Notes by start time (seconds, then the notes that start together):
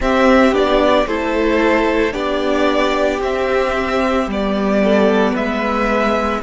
0.00 C4 G4 E5
0.52 B3 D4 D5
1.06 A3 E4 A4 C5
2.12 B3 D4 G4 D5
3.20 C4 E5
4.27 G3 B3 D5
4.83 A4
5.32 G#3 B4 E5